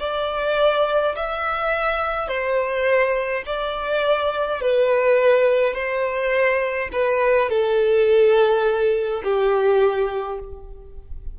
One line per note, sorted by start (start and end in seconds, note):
0.00 1.15 D5
1.16 2.28 E5
2.28 3.44 C5
3.46 4.61 D5
4.61 5.74 B4
5.74 6.89 C5
6.92 7.49 B4
7.49 9.23 A4
9.24 10.40 G4